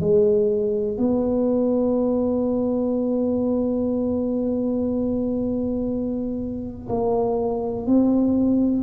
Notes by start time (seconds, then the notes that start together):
0.00 G#3
0.98 B3
6.89 A#3
7.86 C4